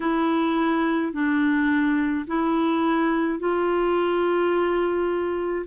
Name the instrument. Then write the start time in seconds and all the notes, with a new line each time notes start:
clarinet
0.00 E4
1.13 D4
2.26 E4
3.39 F4